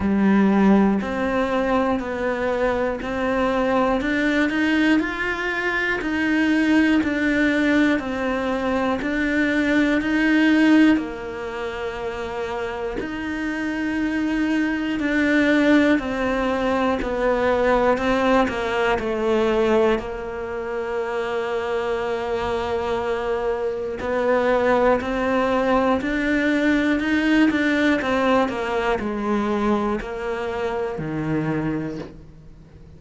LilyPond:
\new Staff \with { instrumentName = "cello" } { \time 4/4 \tempo 4 = 60 g4 c'4 b4 c'4 | d'8 dis'8 f'4 dis'4 d'4 | c'4 d'4 dis'4 ais4~ | ais4 dis'2 d'4 |
c'4 b4 c'8 ais8 a4 | ais1 | b4 c'4 d'4 dis'8 d'8 | c'8 ais8 gis4 ais4 dis4 | }